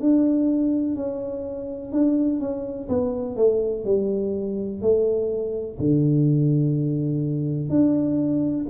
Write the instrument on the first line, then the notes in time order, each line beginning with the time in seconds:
tuba
0.00 D4
0.96 C#4
1.93 D4
2.40 C#4
2.89 B3
3.37 A3
3.85 G3
4.82 A3
5.80 D3
7.70 D4